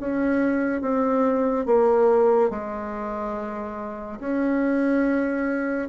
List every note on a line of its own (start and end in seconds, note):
0.00 0.82 C#4
0.82 1.66 C4
1.66 2.50 A#3
2.51 4.20 G#3
4.20 5.89 C#4